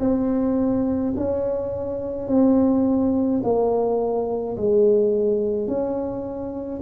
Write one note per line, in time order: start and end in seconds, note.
0.00 1.13 C4
1.16 2.27 C#4
2.27 3.41 C4
3.43 4.56 A#3
4.56 5.67 G#3
5.67 6.80 C#4